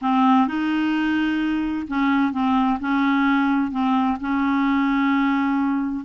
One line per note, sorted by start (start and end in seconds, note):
0.01 0.47 C4
0.47 1.87 D#4
1.87 2.32 C#4
2.32 2.78 C4
2.80 3.71 C#4
3.71 4.17 C4
4.20 6.04 C#4